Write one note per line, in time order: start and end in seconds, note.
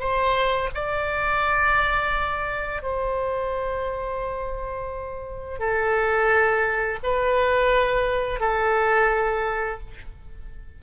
0.00 0.70 C5
0.75 2.83 D5
2.83 5.60 C5
5.60 6.99 A4
7.04 8.40 B4
8.40 9.80 A4